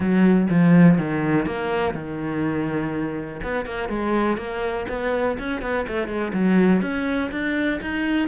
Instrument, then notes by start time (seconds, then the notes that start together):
cello
0.00 F#3
0.49 F3
0.98 D#3
1.45 A#3
1.94 D#3
3.43 B3
3.65 A#3
3.88 G#3
4.37 A#3
4.88 B3
5.39 C#4
5.61 B3
5.87 A3
6.07 G#3
6.33 F#3
6.81 C#4
7.31 D4
7.81 D#4